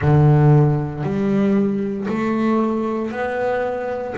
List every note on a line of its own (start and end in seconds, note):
0.01 1.03 D3
1.03 2.06 G3
2.07 3.11 A3
3.11 4.14 B3